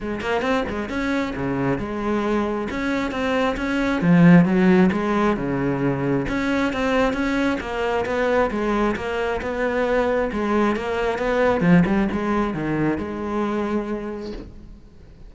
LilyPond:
\new Staff \with { instrumentName = "cello" } { \time 4/4 \tempo 4 = 134 gis8 ais8 c'8 gis8 cis'4 cis4 | gis2 cis'4 c'4 | cis'4 f4 fis4 gis4 | cis2 cis'4 c'4 |
cis'4 ais4 b4 gis4 | ais4 b2 gis4 | ais4 b4 f8 g8 gis4 | dis4 gis2. | }